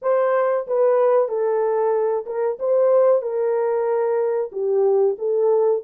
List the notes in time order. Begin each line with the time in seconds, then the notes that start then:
0.02 C5
0.67 B4
1.28 A4
2.26 A#4
2.59 C5
3.21 A#4
4.52 G4
5.18 A4